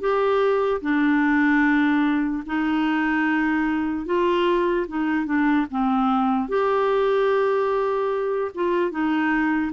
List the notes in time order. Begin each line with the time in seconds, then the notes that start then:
0.00 G4
0.81 D4
2.46 D#4
4.05 F4
4.88 D#4
5.26 D4
5.71 C4
6.49 G4
8.54 F4
8.91 D#4